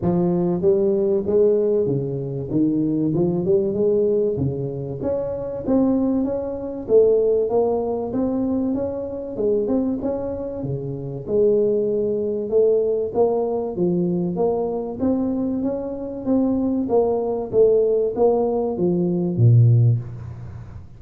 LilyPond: \new Staff \with { instrumentName = "tuba" } { \time 4/4 \tempo 4 = 96 f4 g4 gis4 cis4 | dis4 f8 g8 gis4 cis4 | cis'4 c'4 cis'4 a4 | ais4 c'4 cis'4 gis8 c'8 |
cis'4 cis4 gis2 | a4 ais4 f4 ais4 | c'4 cis'4 c'4 ais4 | a4 ais4 f4 ais,4 | }